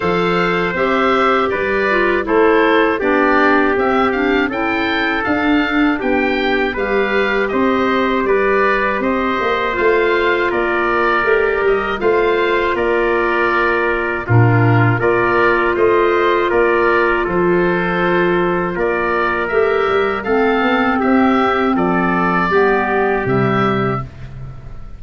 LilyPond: <<
  \new Staff \with { instrumentName = "oboe" } { \time 4/4 \tempo 4 = 80 f''4 e''4 d''4 c''4 | d''4 e''8 f''8 g''4 f''4 | g''4 f''4 dis''4 d''4 | dis''4 f''4 d''4. dis''8 |
f''4 d''2 ais'4 | d''4 dis''4 d''4 c''4~ | c''4 d''4 e''4 f''4 | e''4 d''2 e''4 | }
  \new Staff \with { instrumentName = "trumpet" } { \time 4/4 c''2 b'4 a'4 | g'2 a'2 | g'4 b'4 c''4 b'4 | c''2 ais'2 |
c''4 ais'2 f'4 | ais'4 c''4 ais'4 a'4~ | a'4 ais'2 a'4 | g'4 a'4 g'2 | }
  \new Staff \with { instrumentName = "clarinet" } { \time 4/4 a'4 g'4. f'8 e'4 | d'4 c'8 d'8 e'4 d'4~ | d'4 g'2.~ | g'4 f'2 g'4 |
f'2. d'4 | f'1~ | f'2 g'4 c'4~ | c'2 b4 g4 | }
  \new Staff \with { instrumentName = "tuba" } { \time 4/4 f4 c'4 g4 a4 | b4 c'4 cis'4 d'4 | b4 g4 c'4 g4 | c'8 ais8 a4 ais4 a8 g8 |
a4 ais2 ais,4 | ais4 a4 ais4 f4~ | f4 ais4 a8 g8 a8 b8 | c'4 f4 g4 c4 | }
>>